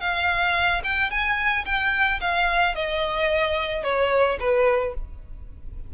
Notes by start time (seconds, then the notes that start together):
0.00 F5
0.84 G5
1.10 G#5
1.65 G5
2.20 F5
2.75 D#5
3.83 C#5
4.40 B4